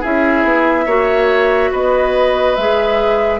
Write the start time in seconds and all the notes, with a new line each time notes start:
0.00 C#4 E4 G#4 E5
0.43 B3
0.86 A#3 F#4 C#5
1.71 B3 B4 D#5
2.55 G#3 G#4 E5